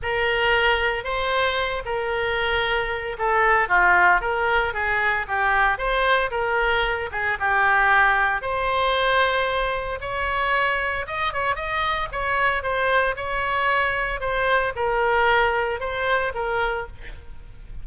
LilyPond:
\new Staff \with { instrumentName = "oboe" } { \time 4/4 \tempo 4 = 114 ais'2 c''4. ais'8~ | ais'2 a'4 f'4 | ais'4 gis'4 g'4 c''4 | ais'4. gis'8 g'2 |
c''2. cis''4~ | cis''4 dis''8 cis''8 dis''4 cis''4 | c''4 cis''2 c''4 | ais'2 c''4 ais'4 | }